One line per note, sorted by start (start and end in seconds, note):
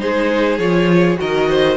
0.00 0.59 G#3
0.00 0.59 D#4
0.00 1.19 G#4
0.00 0.59 C5
0.59 1.18 F3
0.59 1.17 F4
0.59 1.18 C#5
1.17 1.78 D#3
1.17 1.76 F#4
1.17 1.50 A#4
1.17 1.78 D#5
1.50 1.78 C5